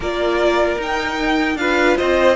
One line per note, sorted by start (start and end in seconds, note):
0.00 0.76 A#3
0.00 0.78 F4
0.00 1.57 A#4
0.00 0.81 D5
0.77 1.55 D#4
0.77 1.57 D#4
0.77 1.57 G5
1.55 1.94 D4
1.55 2.36 F4
1.55 1.97 B4
1.55 1.96 F5
1.97 2.36 C4
1.97 2.36 C5
1.97 2.36 D#5